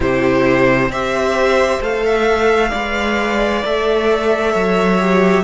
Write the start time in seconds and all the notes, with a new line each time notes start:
0.00 C3 E4 G4 C5
0.88 C4 G4 C5 E5
1.80 A3 A4 F5
2.05 E5
2.70 G#3 B4 D5
3.65 A3 A4 E5
4.52 F#3 C#5
4.99 G4